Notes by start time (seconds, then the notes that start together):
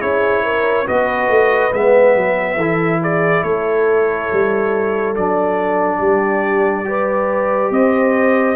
0.00 C#4 E4 G#4 C#5
0.43 A#4
0.86 B3 F#4 B4 D#5
1.28 A3
1.73 G#3 B3 E5
2.15 F#3
2.56 E3 E4 A4
3.01 G#4 D5
3.43 A3 A4 C#5
4.32 G3
5.16 F#3 D4 D5
5.98 G3 G4
6.84 G4 B4
7.71 C4 C5 D#5